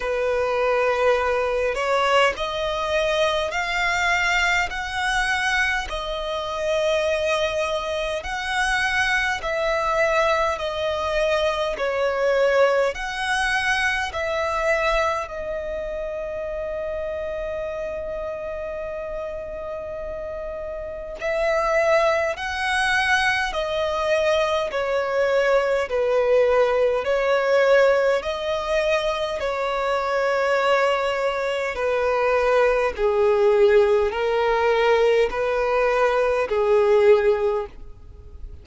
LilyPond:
\new Staff \with { instrumentName = "violin" } { \time 4/4 \tempo 4 = 51 b'4. cis''8 dis''4 f''4 | fis''4 dis''2 fis''4 | e''4 dis''4 cis''4 fis''4 | e''4 dis''2.~ |
dis''2 e''4 fis''4 | dis''4 cis''4 b'4 cis''4 | dis''4 cis''2 b'4 | gis'4 ais'4 b'4 gis'4 | }